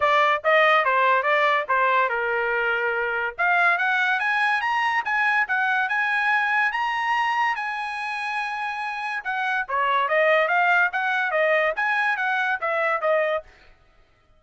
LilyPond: \new Staff \with { instrumentName = "trumpet" } { \time 4/4 \tempo 4 = 143 d''4 dis''4 c''4 d''4 | c''4 ais'2. | f''4 fis''4 gis''4 ais''4 | gis''4 fis''4 gis''2 |
ais''2 gis''2~ | gis''2 fis''4 cis''4 | dis''4 f''4 fis''4 dis''4 | gis''4 fis''4 e''4 dis''4 | }